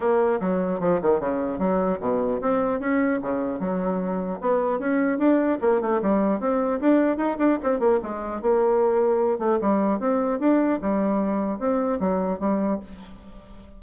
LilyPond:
\new Staff \with { instrumentName = "bassoon" } { \time 4/4 \tempo 4 = 150 ais4 fis4 f8 dis8 cis4 | fis4 b,4 c'4 cis'4 | cis4 fis2 b4 | cis'4 d'4 ais8 a8 g4 |
c'4 d'4 dis'8 d'8 c'8 ais8 | gis4 ais2~ ais8 a8 | g4 c'4 d'4 g4~ | g4 c'4 fis4 g4 | }